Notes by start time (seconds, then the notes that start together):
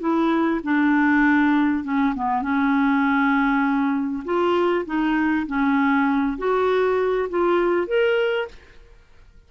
0.00 E4
0.64 D4
1.84 C#4
2.15 B3
2.42 C#4
4.25 F4
4.86 D#4
5.47 C#4
6.38 F#4
7.30 F4
7.87 A#4